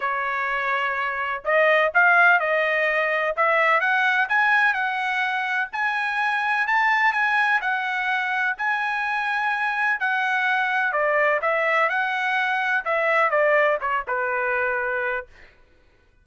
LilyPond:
\new Staff \with { instrumentName = "trumpet" } { \time 4/4 \tempo 4 = 126 cis''2. dis''4 | f''4 dis''2 e''4 | fis''4 gis''4 fis''2 | gis''2 a''4 gis''4 |
fis''2 gis''2~ | gis''4 fis''2 d''4 | e''4 fis''2 e''4 | d''4 cis''8 b'2~ b'8 | }